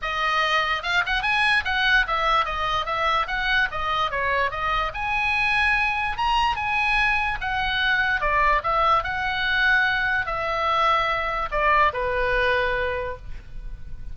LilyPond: \new Staff \with { instrumentName = "oboe" } { \time 4/4 \tempo 4 = 146 dis''2 f''8 fis''8 gis''4 | fis''4 e''4 dis''4 e''4 | fis''4 dis''4 cis''4 dis''4 | gis''2. ais''4 |
gis''2 fis''2 | d''4 e''4 fis''2~ | fis''4 e''2. | d''4 b'2. | }